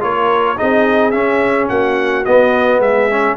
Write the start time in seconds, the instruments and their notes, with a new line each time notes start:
0.00 tuba A#3, trombone F4, horn A#4, trumpet C#5
0.57 tuba C4, trombone D#4, horn G#4, trumpet D#5
1.11 trombone C#4, tuba C#4, trumpet E5
1.69 tuba A#3, horn F#4, trumpet F#5
2.25 trombone B3, tuba B3, trumpet D#5
2.79 tuba G#3, horn G#4, trumpet E5
3.10 trombone C#4